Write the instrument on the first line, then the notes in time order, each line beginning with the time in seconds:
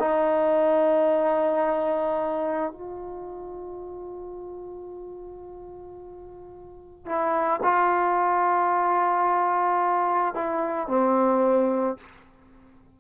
trombone
0.00 D#4
2.73 F4
7.06 E4
7.64 F4
10.35 E4
10.88 C4